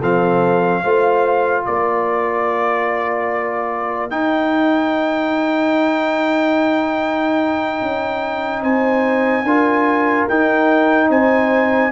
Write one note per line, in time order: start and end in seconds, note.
0.00 0.84 F3
0.00 0.84 C4
0.00 0.82 A4
0.00 1.66 F5
0.84 1.66 A3
0.84 4.11 F4
0.84 1.66 C5
1.66 4.11 A#3
1.66 8.62 A#4
1.66 4.11 D5
4.11 9.45 D#4
4.11 7.81 D#4
4.11 8.63 G5
7.81 8.62 C#4
8.62 9.44 C4
8.62 9.45 C5
8.62 10.28 G#5
9.44 10.26 D4
9.44 10.30 F4
9.44 11.09 A#4
10.29 11.09 D#4
10.29 11.92 D#4
10.29 11.11 G5
11.09 11.92 C4
11.09 11.92 C5
11.09 11.92 G#5